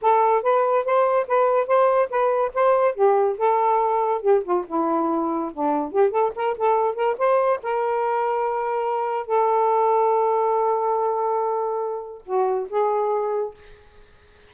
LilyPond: \new Staff \with { instrumentName = "saxophone" } { \time 4/4 \tempo 4 = 142 a'4 b'4 c''4 b'4 | c''4 b'4 c''4 g'4 | a'2 g'8 f'8 e'4~ | e'4 d'4 g'8 a'8 ais'8 a'8~ |
a'8 ais'8 c''4 ais'2~ | ais'2 a'2~ | a'1~ | a'4 fis'4 gis'2 | }